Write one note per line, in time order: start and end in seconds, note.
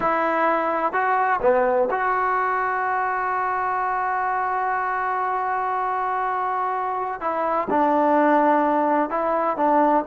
0.00 0.92 E4
0.92 1.40 F#4
1.41 1.88 B3
1.90 7.20 F#4
7.20 7.68 E4
7.70 9.10 D4
9.10 9.57 E4
9.57 10.04 D4